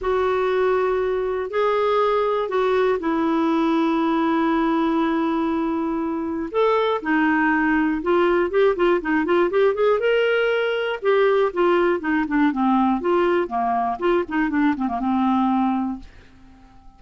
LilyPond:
\new Staff \with { instrumentName = "clarinet" } { \time 4/4 \tempo 4 = 120 fis'2. gis'4~ | gis'4 fis'4 e'2~ | e'1~ | e'4 a'4 dis'2 |
f'4 g'8 f'8 dis'8 f'8 g'8 gis'8 | ais'2 g'4 f'4 | dis'8 d'8 c'4 f'4 ais4 | f'8 dis'8 d'8 c'16 ais16 c'2 | }